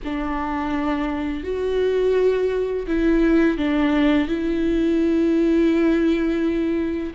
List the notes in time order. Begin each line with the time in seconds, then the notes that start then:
0.04 D4
1.43 F#4
2.87 E4
3.57 D4
4.28 E4